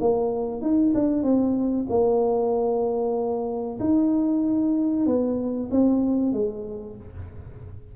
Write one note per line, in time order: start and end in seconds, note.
0.00 0.61 A#3
0.61 0.93 D#4
0.94 1.23 D4
1.23 1.86 C4
1.89 3.79 A#3
3.80 5.06 D#4
5.06 5.69 B3
5.71 6.32 C4
6.32 6.96 G#3